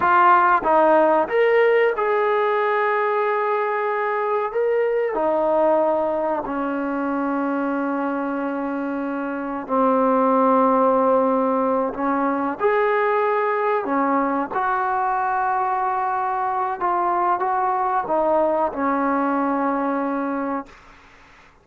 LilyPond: \new Staff \with { instrumentName = "trombone" } { \time 4/4 \tempo 4 = 93 f'4 dis'4 ais'4 gis'4~ | gis'2. ais'4 | dis'2 cis'2~ | cis'2. c'4~ |
c'2~ c'8 cis'4 gis'8~ | gis'4. cis'4 fis'4.~ | fis'2 f'4 fis'4 | dis'4 cis'2. | }